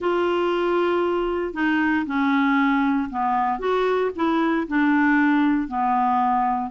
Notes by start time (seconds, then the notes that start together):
0.00 F4
1.53 D#4
2.05 C#4
3.10 B3
3.59 F#4
4.15 E4
4.67 D4
5.68 B3